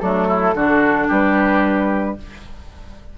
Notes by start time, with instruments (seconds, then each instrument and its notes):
0.00 bassoon F#3, clarinet A3, oboe D4, flute A4
0.27 oboe E4
0.54 bassoon D3, clarinet D4, oboe F#4
1.08 bassoon G3, oboe G4, flute B4